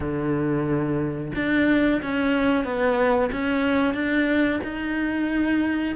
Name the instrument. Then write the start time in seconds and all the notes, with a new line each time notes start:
cello
0.00 D3
1.35 D4
2.02 C#4
2.64 B3
3.32 C#4
3.94 D4
4.63 D#4